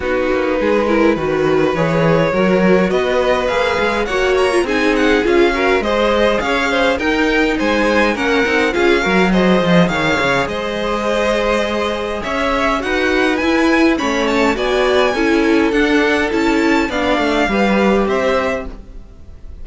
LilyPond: <<
  \new Staff \with { instrumentName = "violin" } { \time 4/4 \tempo 4 = 103 b'2. cis''4~ | cis''4 dis''4 f''4 fis''8 ais''8 | gis''8 fis''8 f''4 dis''4 f''4 | g''4 gis''4 fis''4 f''4 |
dis''4 f''4 dis''2~ | dis''4 e''4 fis''4 gis''4 | b''8 a''8 gis''2 fis''4 | a''4 f''2 e''4 | }
  \new Staff \with { instrumentName = "violin" } { \time 4/4 fis'4 gis'8 ais'8 b'2 | ais'4 b'2 cis''4 | gis'4. ais'8 c''4 cis''8 c''8 | ais'4 c''4 ais'4 gis'8 ais'8 |
c''4 cis''4 c''2~ | c''4 cis''4 b'2 | cis''4 d''4 a'2~ | a'4 d''4 b'4 c''4 | }
  \new Staff \with { instrumentName = "viola" } { \time 4/4 dis'4. e'8 fis'4 gis'4 | fis'2 gis'4 fis'8. f'16 | dis'4 f'8 fis'8 gis'2 | dis'2 cis'8 dis'8 f'8 fis'8 |
gis'1~ | gis'2 fis'4 e'4 | cis'4 fis'4 e'4 d'4 | e'4 d'4 g'2 | }
  \new Staff \with { instrumentName = "cello" } { \time 4/4 b8 ais8 gis4 dis4 e4 | fis4 b4 ais8 gis8 ais4 | c'4 cis'4 gis4 cis'4 | dis'4 gis4 ais8 c'8 cis'8 fis8~ |
fis8 f8 dis8 cis8 gis2~ | gis4 cis'4 dis'4 e'4 | a4 b4 cis'4 d'4 | cis'4 b8 a8 g4 c'4 | }
>>